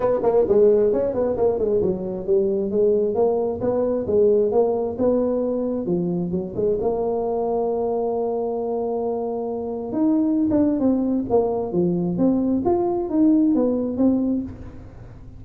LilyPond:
\new Staff \with { instrumentName = "tuba" } { \time 4/4 \tempo 4 = 133 b8 ais8 gis4 cis'8 b8 ais8 gis8 | fis4 g4 gis4 ais4 | b4 gis4 ais4 b4~ | b4 f4 fis8 gis8 ais4~ |
ais1~ | ais2 dis'4~ dis'16 d'8. | c'4 ais4 f4 c'4 | f'4 dis'4 b4 c'4 | }